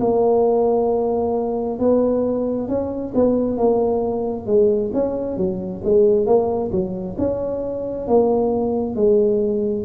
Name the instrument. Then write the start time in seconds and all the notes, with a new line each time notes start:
tuba
0.00 A#3
1.79 B3
2.68 C#4
3.15 B3
3.58 A#3
4.47 G#3
4.93 C#4
5.37 F#3
5.84 G#3
6.26 A#3
6.72 F#3
7.18 C#4
8.08 A#3
8.96 G#3